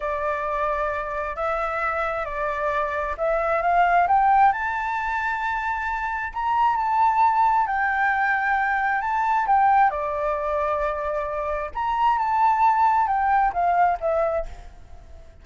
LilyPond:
\new Staff \with { instrumentName = "flute" } { \time 4/4 \tempo 4 = 133 d''2. e''4~ | e''4 d''2 e''4 | f''4 g''4 a''2~ | a''2 ais''4 a''4~ |
a''4 g''2. | a''4 g''4 d''2~ | d''2 ais''4 a''4~ | a''4 g''4 f''4 e''4 | }